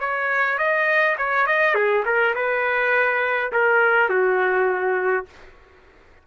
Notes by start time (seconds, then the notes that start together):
0.00 C#5
0.58 D#5
1.18 C#5
1.46 D#5
1.74 G#4
2.05 A#4
2.35 B4
3.52 A#4
4.09 F#4